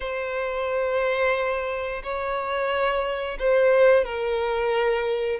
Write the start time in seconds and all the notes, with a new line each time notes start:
0.00 C5
2.03 C#5
3.39 C5
4.04 A#4